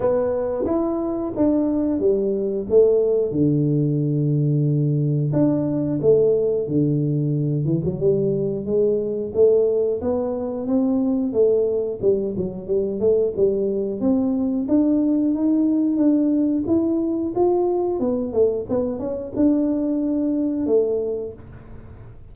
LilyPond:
\new Staff \with { instrumentName = "tuba" } { \time 4/4 \tempo 4 = 90 b4 e'4 d'4 g4 | a4 d2. | d'4 a4 d4. e16 fis16 | g4 gis4 a4 b4 |
c'4 a4 g8 fis8 g8 a8 | g4 c'4 d'4 dis'4 | d'4 e'4 f'4 b8 a8 | b8 cis'8 d'2 a4 | }